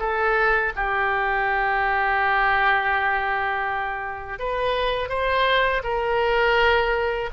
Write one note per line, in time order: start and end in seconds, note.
0.00 0.73 A4
0.76 4.39 G4
4.39 5.10 B4
5.10 5.83 C5
5.84 7.30 A#4